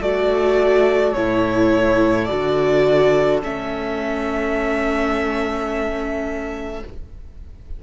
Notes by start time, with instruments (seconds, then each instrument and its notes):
0.00 cello A3, viola F#4, violin A4 D5
1.13 cello A2, viola E4, violin C#5
2.25 viola F#4, violin D5
2.31 cello D3
3.43 cello A3, viola C#4, violin E5